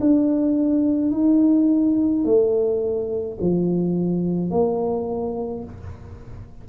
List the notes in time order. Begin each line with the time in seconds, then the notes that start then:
0.00 D4
1.11 D#4
2.24 A3
3.41 F3
4.51 A#3